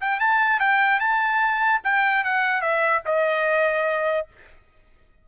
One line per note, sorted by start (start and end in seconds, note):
0.00 0.19 G5
0.19 0.60 A5
0.60 0.99 G5
0.99 1.81 A5
1.83 2.24 G5
2.24 2.61 F#5
2.61 3.02 E5
3.05 4.27 D#5